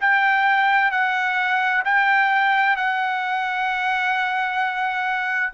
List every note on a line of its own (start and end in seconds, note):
0.00 0.91 G5
0.91 1.83 F#5
1.84 2.76 G5
2.76 5.53 F#5